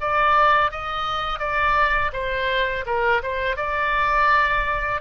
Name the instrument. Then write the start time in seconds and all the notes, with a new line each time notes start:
oboe
0.00 D5
0.71 D#5
1.39 D5
2.12 C5
2.86 A#4
3.23 C5
3.56 D5